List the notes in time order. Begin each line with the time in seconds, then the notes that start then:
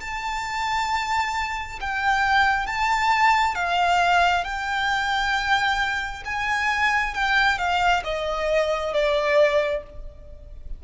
0.00 A5
1.80 G5
2.66 A5
3.55 F5
4.44 G5
6.24 G#5
7.14 G5
7.58 F5
8.04 D#5
8.93 D5